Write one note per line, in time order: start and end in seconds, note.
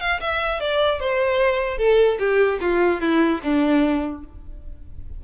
0.00 0.20 F5
0.20 0.60 E5
0.60 1.00 D5
1.00 1.78 C5
1.78 2.18 A4
2.19 2.59 G4
2.60 3.00 F4
3.00 3.41 E4
3.43 4.24 D4